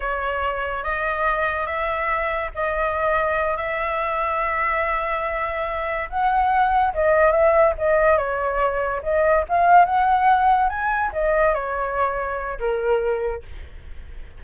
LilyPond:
\new Staff \with { instrumentName = "flute" } { \time 4/4 \tempo 4 = 143 cis''2 dis''2 | e''2 dis''2~ | dis''8 e''2.~ e''8~ | e''2~ e''8 fis''4.~ |
fis''8 dis''4 e''4 dis''4 cis''8~ | cis''4. dis''4 f''4 fis''8~ | fis''4. gis''4 dis''4 cis''8~ | cis''2 ais'2 | }